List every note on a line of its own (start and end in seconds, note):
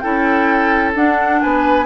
0.00 0.95 C#4
0.00 0.94 E4
0.00 1.40 A4
0.00 0.92 G5
0.95 1.40 D4
0.95 1.85 D4
0.95 1.41 F#5
1.41 1.85 B3
1.41 1.85 B4
1.41 1.85 G#5